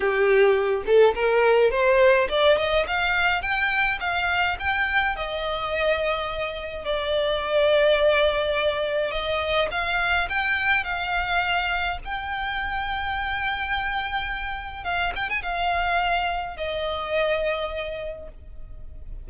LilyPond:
\new Staff \with { instrumentName = "violin" } { \time 4/4 \tempo 4 = 105 g'4. a'8 ais'4 c''4 | d''8 dis''8 f''4 g''4 f''4 | g''4 dis''2. | d''1 |
dis''4 f''4 g''4 f''4~ | f''4 g''2.~ | g''2 f''8 g''16 gis''16 f''4~ | f''4 dis''2. | }